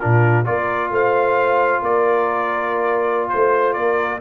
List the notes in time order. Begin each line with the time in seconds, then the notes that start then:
0.00 A#2 D4 F4 A#4
0.45 A#3 F4 A#4 D5
0.91 A3 C5 F5
1.82 A#3 A#4 D5
3.29 A3 C5
3.74 A#3 A#4 D5